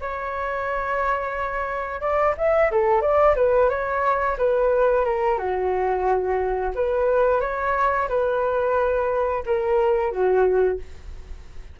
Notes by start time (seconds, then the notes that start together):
0.00 C#5
2.00 D5
2.37 E5
2.71 A4
3.01 D5
3.35 B4
3.69 C#5
4.37 B4
5.05 A#4
5.38 F#4
6.75 B4
7.40 C#5
8.08 B4
9.45 A#4
10.11 F#4